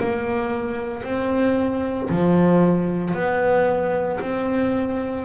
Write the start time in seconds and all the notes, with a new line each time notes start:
0.00 A#3
1.04 C4
2.10 F3
3.15 B3
4.21 C4